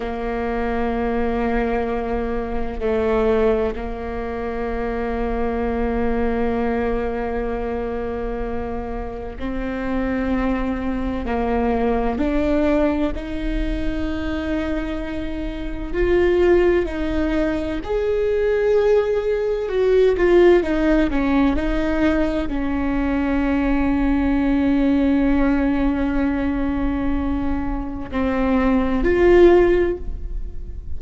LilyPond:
\new Staff \with { instrumentName = "viola" } { \time 4/4 \tempo 4 = 64 ais2. a4 | ais1~ | ais2 c'2 | ais4 d'4 dis'2~ |
dis'4 f'4 dis'4 gis'4~ | gis'4 fis'8 f'8 dis'8 cis'8 dis'4 | cis'1~ | cis'2 c'4 f'4 | }